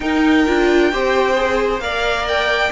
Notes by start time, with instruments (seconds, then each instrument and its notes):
0.00 viola D#4, cello D#4, violin A#4 G5
0.46 cello D4, viola F4
0.92 cello C4, viola G4, violin C5
1.35 viola G#4
1.79 cello A#3, viola A#4, violin D5 F5
2.28 violin G5